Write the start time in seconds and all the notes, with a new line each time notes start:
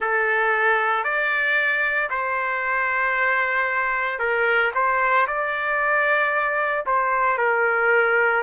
0.00 A4
1.03 D5
2.10 C5
4.19 A#4
4.74 C5
5.27 D5
6.86 C5
7.38 A#4